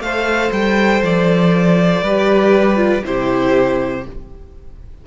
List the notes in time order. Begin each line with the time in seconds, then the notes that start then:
0.00 A3 A4 C5 F5
0.52 G3 G5
1.02 F3 D5
2.02 G3 G4 B4
2.76 F4
3.04 C3 E4 G4 C5